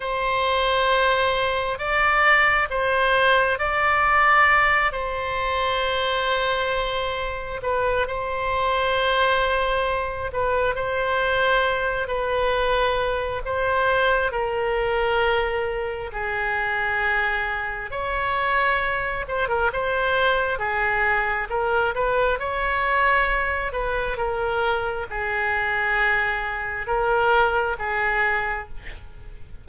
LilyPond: \new Staff \with { instrumentName = "oboe" } { \time 4/4 \tempo 4 = 67 c''2 d''4 c''4 | d''4. c''2~ c''8~ | c''8 b'8 c''2~ c''8 b'8 | c''4. b'4. c''4 |
ais'2 gis'2 | cis''4. c''16 ais'16 c''4 gis'4 | ais'8 b'8 cis''4. b'8 ais'4 | gis'2 ais'4 gis'4 | }